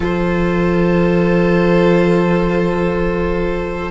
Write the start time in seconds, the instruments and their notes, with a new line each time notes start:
0.00 cello F3, viola F4, violin A4 C5